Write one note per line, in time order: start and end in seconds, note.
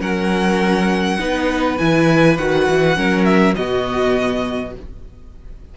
0.00 1.18 F#3
0.00 1.18 C#4
0.00 1.18 A#4
0.00 1.77 F#5
1.19 1.79 B3
1.19 1.77 D#4
1.19 2.97 B4
1.77 2.37 E3
1.77 2.37 E4
1.77 2.36 G#5
2.37 2.67 D#3
2.37 2.95 F#4
2.37 3.24 F#5
2.67 2.96 E3
2.95 3.55 F#3
2.95 3.54 C#4
2.95 3.56 A#4
3.24 3.54 E5
3.55 4.76 B2
3.55 4.75 B3
3.55 4.74 F#4
3.55 4.72 D#5